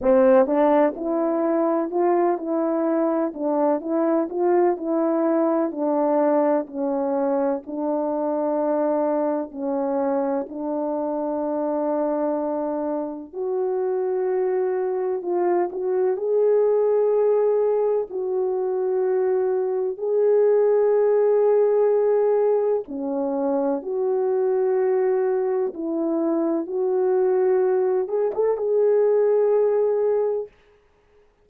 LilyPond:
\new Staff \with { instrumentName = "horn" } { \time 4/4 \tempo 4 = 63 c'8 d'8 e'4 f'8 e'4 d'8 | e'8 f'8 e'4 d'4 cis'4 | d'2 cis'4 d'4~ | d'2 fis'2 |
f'8 fis'8 gis'2 fis'4~ | fis'4 gis'2. | cis'4 fis'2 e'4 | fis'4. gis'16 a'16 gis'2 | }